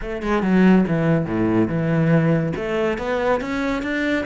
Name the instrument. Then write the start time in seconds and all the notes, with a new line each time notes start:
cello
0.01 A3
0.22 G#3
0.42 F#3
0.87 E3
1.26 A2
1.68 E3
2.56 A3
2.98 B3
3.40 C#4
3.82 D4